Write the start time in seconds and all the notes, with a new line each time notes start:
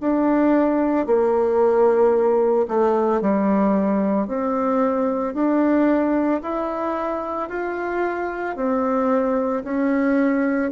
0.00 D4
1.06 A#3
2.68 A3
3.21 G3
4.28 C4
5.34 D4
6.42 E4
7.49 F4
8.56 C4
9.64 C#4